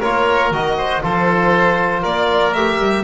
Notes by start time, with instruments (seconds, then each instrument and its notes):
0.00 double bass A#3, trombone F4, oboe A#4, violin C#5
0.51 double bass D#3, trombone F#4, violin D#5
0.78 oboe C5
1.03 double bass F3, trombone F4, oboe A4, violin C5
2.02 double bass A#3, oboe A#4, violin D5
2.54 double bass A3, trombone G4, violin E5
2.79 double bass G3